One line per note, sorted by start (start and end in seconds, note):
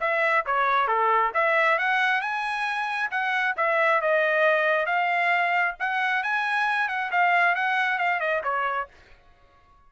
0.00 0.44 E5
0.45 0.87 C#5
0.87 1.32 A4
1.34 1.78 E5
1.78 2.21 F#5
2.21 3.10 G#5
3.11 3.55 F#5
3.56 4.01 E5
4.01 4.86 D#5
4.86 5.75 F5
5.79 6.23 F#5
6.23 6.88 G#5
6.88 7.10 F#5
7.11 7.55 F5
7.55 7.98 F#5
7.98 8.19 F5
8.19 8.42 D#5
8.43 8.88 C#5